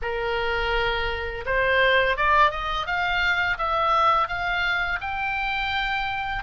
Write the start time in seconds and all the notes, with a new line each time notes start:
0.02 A#4
1.45 C5
2.16 D5
2.50 D#5
2.86 F5
3.57 E5
4.28 F5
5.01 G5